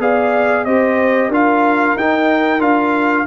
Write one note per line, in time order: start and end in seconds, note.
0.00 0.66 B3
0.00 0.67 G#4
0.00 0.66 D5
0.00 0.65 F5
0.65 1.29 C4
0.65 1.32 G4
0.65 1.29 C5
0.65 1.31 D#5
1.29 1.95 D4
1.29 1.98 F4
1.29 3.27 A#4
1.29 1.98 F5
1.96 2.60 D#4
1.96 2.62 G5
2.60 3.26 D4
2.60 3.26 F4
2.60 3.27 F5